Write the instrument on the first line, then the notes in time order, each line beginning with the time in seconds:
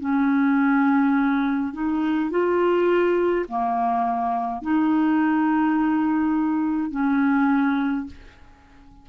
clarinet
0.00 C#4
1.73 D#4
2.30 F4
3.48 A#3
4.62 D#4
6.91 C#4